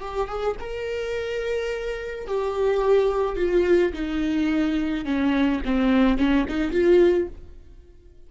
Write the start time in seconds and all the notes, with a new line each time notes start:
0.00 G4
0.28 G#4
0.60 A#4
2.27 G4
3.36 F4
3.93 D#4
5.05 C#4
5.65 C4
6.18 C#4
6.48 D#4
6.71 F4